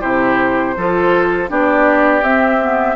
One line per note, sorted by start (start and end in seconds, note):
0.00 0.76 C3
0.00 0.75 E4
0.00 0.74 G4
0.00 1.49 C5
0.77 1.50 F3
0.77 1.48 F4
0.77 1.50 A4
1.48 2.22 B3
1.48 2.22 D4
1.48 2.96 G4
1.48 2.23 D5
2.22 2.96 C4
2.22 2.60 C4
2.22 2.96 E5
2.61 2.96 B3